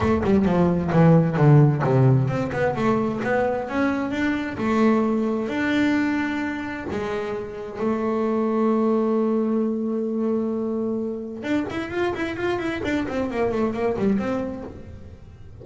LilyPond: \new Staff \with { instrumentName = "double bass" } { \time 4/4 \tempo 4 = 131 a8 g8 f4 e4 d4 | c4 c'8 b8 a4 b4 | cis'4 d'4 a2 | d'2. gis4~ |
gis4 a2.~ | a1~ | a4 d'8 e'8 f'8 e'8 f'8 e'8 | d'8 c'8 ais8 a8 ais8 g8 c'4 | }